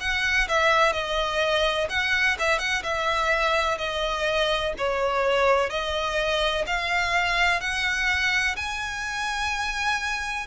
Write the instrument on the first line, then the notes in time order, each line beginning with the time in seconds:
violin
0.00 F#5
0.48 E5
0.92 D#5
1.89 F#5
2.39 E5
2.58 F#5
2.83 E5
3.77 D#5
4.77 C#5
5.70 D#5
6.66 F5
7.60 F#5
8.56 G#5